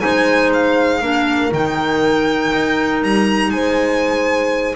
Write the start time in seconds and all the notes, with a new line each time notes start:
0.00 G#3 D#4 C5 G#5
0.53 F5
1.01 A#3 D4 A#4
1.52 D#3 D#4 G5
2.53 D#4
3.02 G3 A#5
3.50 G#3 C5 G#5